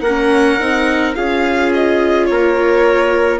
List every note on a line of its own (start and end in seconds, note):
0.00 0.57 A#3
0.00 1.16 A#4
0.00 1.14 F#5
0.07 0.59 C#4
0.59 1.16 C4
0.59 1.14 D#4
1.14 2.29 C#4
1.14 3.39 F4
1.14 2.30 G#4
1.14 1.72 F5
1.74 2.25 D#5
2.25 3.39 A#3
2.25 3.39 A#4
2.25 3.39 C#5